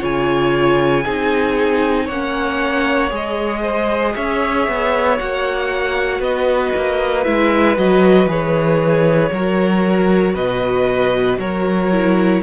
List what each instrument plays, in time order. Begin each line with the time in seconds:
0.00 cello C#3, viola F4, violin C#5 G#5
1.05 cello C4, viola D#4, violin G#4
2.06 cello A#3, violin C#5 F#5
2.12 viola C#4
3.10 cello G#3, viola G#4, violin D#5
3.62 violin C5
4.16 cello C#4, violin C#5 E5
4.68 cello B3
5.19 cello A#3, viola F#4, violin F#5
6.20 cello B3, violin B4 D#5
6.76 cello A#3
7.25 cello G#3, viola E4, violin E5
7.78 cello F#3, viola F#4, violin D#5
8.27 cello E3, viola G#4, violin C#5
9.32 cello F#3, viola F#4, violin A#4
10.35 cello B2, violin B4 D#5
11.39 cello F#3, violin A#4 C#5
11.92 viola E4